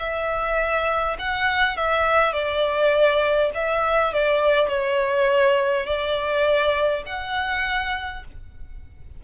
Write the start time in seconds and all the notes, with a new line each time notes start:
0.00 E5
1.19 F#5
1.77 E5
2.33 D5
3.55 E5
4.14 D5
4.68 C#5
5.86 D5
7.06 F#5